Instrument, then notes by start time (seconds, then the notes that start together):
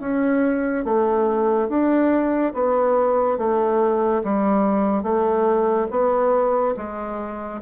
bassoon
0.00 C#4
0.84 A3
1.68 D4
2.54 B3
3.38 A3
4.24 G3
5.02 A3
5.90 B3
6.76 G#3